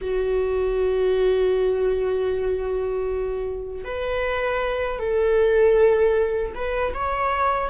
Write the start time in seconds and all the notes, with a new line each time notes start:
0.01 F#4
3.84 B4
4.99 A4
6.55 B4
6.93 C#5